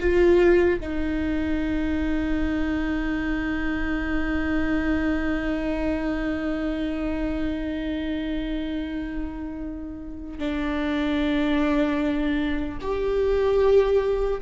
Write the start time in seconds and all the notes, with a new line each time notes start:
0.00 F4
0.81 D#4
10.39 D4
12.81 G4